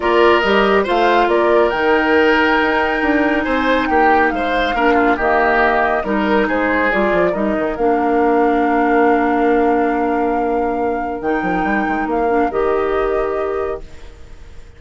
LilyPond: <<
  \new Staff \with { instrumentName = "flute" } { \time 4/4 \tempo 4 = 139 d''4 dis''4 f''4 d''4 | g''1 | gis''4 g''4 f''2 | dis''2 ais'4 c''4 |
d''4 dis''4 f''2~ | f''1~ | f''2 g''2 | f''4 dis''2. | }
  \new Staff \with { instrumentName = "oboe" } { \time 4/4 ais'2 c''4 ais'4~ | ais'1 | c''4 g'4 c''4 ais'8 f'8 | g'2 ais'4 gis'4~ |
gis'4 ais'2.~ | ais'1~ | ais'1~ | ais'1 | }
  \new Staff \with { instrumentName = "clarinet" } { \time 4/4 f'4 g'4 f'2 | dis'1~ | dis'2. d'4 | ais2 dis'2 |
f'4 dis'4 d'2~ | d'1~ | d'2 dis'2~ | dis'8 d'8 g'2. | }
  \new Staff \with { instrumentName = "bassoon" } { \time 4/4 ais4 g4 a4 ais4 | dis2 dis'4 d'4 | c'4 ais4 gis4 ais4 | dis2 g4 gis4 |
g8 f8 g8 dis8 ais2~ | ais1~ | ais2 dis8 f8 g8 gis8 | ais4 dis2. | }
>>